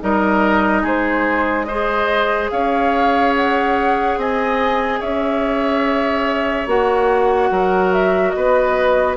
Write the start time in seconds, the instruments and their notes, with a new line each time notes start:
0.00 bassoon G3, clarinet D#4, oboe A#4, flute D#5
0.82 bassoon G#3, oboe G#4, flute C5
1.64 clarinet G#4, oboe C5, flute D#5
2.51 bassoon C#4, oboe C#5, flute F5
3.36 flute F#5
4.17 bassoon C4, oboe D#5, flute G#5
5.00 bassoon C#4, oboe C#5, flute E5
6.67 bassoon A#3, clarinet F#4, flute F#5
7.51 bassoon F#3, oboe A#4
7.93 flute E5
8.30 bassoon B3, flute D#5
8.36 oboe B4